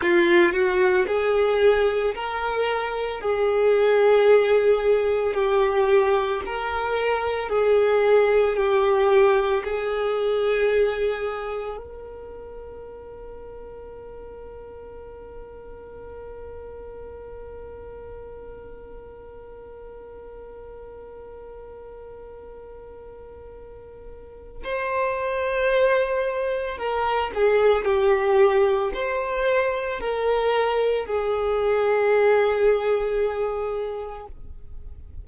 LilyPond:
\new Staff \with { instrumentName = "violin" } { \time 4/4 \tempo 4 = 56 f'8 fis'8 gis'4 ais'4 gis'4~ | gis'4 g'4 ais'4 gis'4 | g'4 gis'2 ais'4~ | ais'1~ |
ais'1~ | ais'2. c''4~ | c''4 ais'8 gis'8 g'4 c''4 | ais'4 gis'2. | }